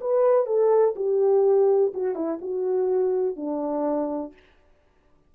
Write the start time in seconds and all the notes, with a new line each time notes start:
0.00 B4
0.46 A4
0.95 G4
1.94 F#4
2.14 E4
2.41 F#4
3.36 D4